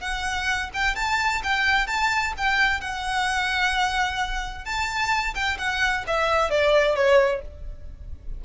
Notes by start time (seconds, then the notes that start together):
0.00 F#5
0.74 G5
0.95 A5
1.43 G5
1.87 A5
2.37 G5
2.80 F#5
4.65 A5
5.34 G5
5.58 F#5
6.07 E5
6.50 D5
6.95 C#5